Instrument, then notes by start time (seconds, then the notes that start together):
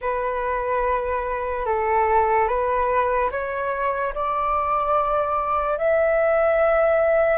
flute
0.01 B4
1.65 A4
2.47 B4
3.31 C#5
4.14 D5
5.78 E5